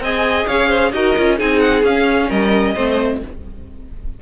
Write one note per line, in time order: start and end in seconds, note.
0.00 0.45 C4
0.00 0.93 G#4
0.00 0.47 D#5
0.00 0.46 G#5
0.46 0.92 C#4
0.46 0.69 C#5
0.46 0.92 F5
0.69 0.91 C5
0.92 1.15 D#4
0.92 1.16 F#4
0.92 1.37 A#4
0.92 1.38 D#5
1.17 1.40 C#4
1.17 1.38 F4
1.37 1.83 C4
1.37 1.83 D#4
1.37 2.28 G#4
1.37 1.59 G#5
1.59 1.82 F#5
1.83 2.28 C#4
1.83 2.76 C#4
1.83 2.30 F5
2.28 2.75 G3
2.28 2.73 A#4
2.28 3.21 D#5
2.74 3.21 A3
2.74 3.21 C4
2.74 3.20 C5